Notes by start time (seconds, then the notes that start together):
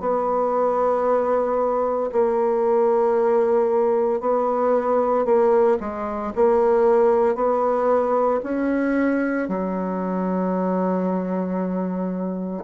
0.00 B3
2.11 A#3
4.20 B3
5.25 A#3
5.80 G#3
6.35 A#3
7.35 B3
8.43 C#4
9.48 F#3